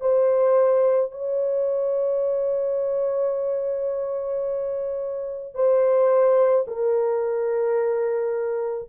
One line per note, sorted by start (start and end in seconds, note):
0.00 1.11 C5
1.11 5.54 C#5
5.54 6.65 C5
6.67 8.89 A#4